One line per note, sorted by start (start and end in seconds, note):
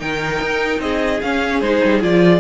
0.00 0.42 D#3
0.00 1.21 D#4
0.00 0.82 A#4
0.00 0.81 G5
0.42 0.79 D#4
0.79 1.20 C4
0.79 2.41 G#4
0.79 1.21 D#5
1.22 1.61 C#4
1.22 1.63 C#4
1.22 1.61 F5
1.61 1.81 G#3
1.61 2.02 D#4
1.61 2.01 C5
1.85 2.04 G3
2.02 2.41 F3
2.02 2.41 F4
2.02 2.41 D5